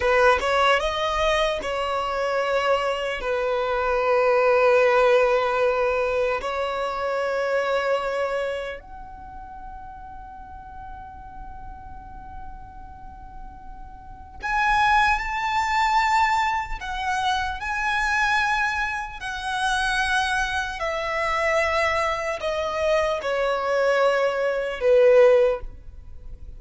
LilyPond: \new Staff \with { instrumentName = "violin" } { \time 4/4 \tempo 4 = 75 b'8 cis''8 dis''4 cis''2 | b'1 | cis''2. fis''4~ | fis''1~ |
fis''2 gis''4 a''4~ | a''4 fis''4 gis''2 | fis''2 e''2 | dis''4 cis''2 b'4 | }